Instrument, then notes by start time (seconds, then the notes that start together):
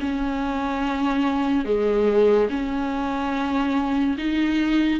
viola
0.00 C#4
1.65 G#3
2.50 C#4
4.18 D#4